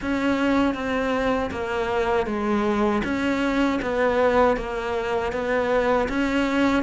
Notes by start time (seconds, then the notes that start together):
0.01 C#4
0.74 C4
1.50 A#3
2.26 G#3
3.04 C#4
3.81 B3
4.56 A#3
5.32 B3
6.08 C#4